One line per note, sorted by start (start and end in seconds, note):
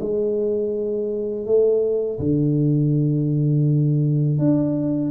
0.00 1.46 G#3
1.46 2.19 A3
2.20 4.39 D3
4.39 5.11 D4